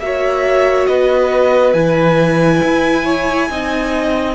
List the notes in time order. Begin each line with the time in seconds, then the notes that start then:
0.00 A#3 F#4 C#5 E5
0.87 B3 B4 D#5
1.74 E3 E4 G#5
2.64 E4
3.05 C#5
3.50 C4 D#4 D#5